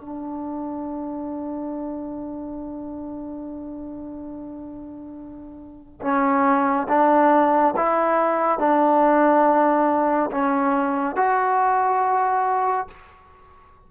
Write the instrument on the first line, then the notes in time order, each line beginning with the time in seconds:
trombone
0.00 D4
6.01 C#4
6.88 D4
7.76 E4
8.58 D4
10.31 C#4
11.15 F#4